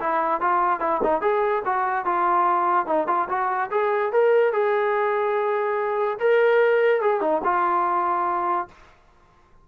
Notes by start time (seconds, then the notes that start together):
0.00 E4
0.41 F4
0.81 E4
1.04 D#4
1.22 G#4
1.66 F#4
2.06 F4
2.87 D#4
3.08 F4
3.29 F#4
3.71 G#4
4.13 A#4
4.53 G#4
6.20 A#4
7.02 G#4
7.21 D#4
7.44 F4